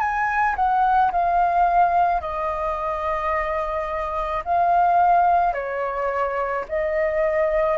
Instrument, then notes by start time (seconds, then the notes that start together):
flute
0.00 G#5
0.56 F#5
1.12 F5
2.21 D#5
4.45 F5
5.54 C#5
6.69 D#5